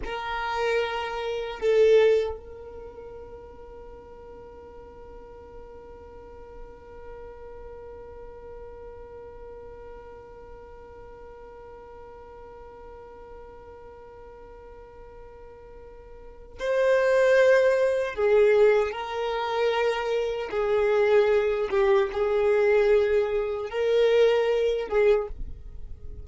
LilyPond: \new Staff \with { instrumentName = "violin" } { \time 4/4 \tempo 4 = 76 ais'2 a'4 ais'4~ | ais'1~ | ais'1~ | ais'1~ |
ais'1~ | ais'4 c''2 gis'4 | ais'2 gis'4. g'8 | gis'2 ais'4. gis'8 | }